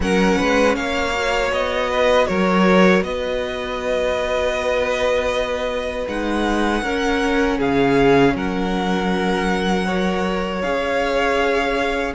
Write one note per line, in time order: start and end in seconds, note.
0.00 0.37 F#3
0.00 1.13 C#4
0.00 0.38 A#4
0.00 0.75 F#5
0.38 0.77 G#3
0.38 0.76 B4
0.75 1.51 A#3
0.75 1.90 C#5
0.75 1.51 F5
1.13 6.07 F#4
1.51 2.27 B3
1.51 2.26 D#5
1.90 2.28 B4
2.26 3.02 F#3
2.26 3.04 A#4
2.26 3.02 C#5
3.02 6.06 B3
3.02 6.83 B4
3.02 6.07 D#5
6.07 6.82 G#3
6.07 6.83 D#4
6.07 7.60 F#5
6.82 7.58 C#4
6.82 9.89 C#4
6.82 7.58 A#4
7.58 8.34 C#3
7.58 8.34 G#4
7.58 8.36 F5
8.34 10.62 F#3
8.34 9.85 A#4
8.34 10.62 F#5
9.85 10.63 A#4
9.85 12.13 C#5
10.62 12.15 C#4
10.62 12.15 G#4
10.62 12.13 F5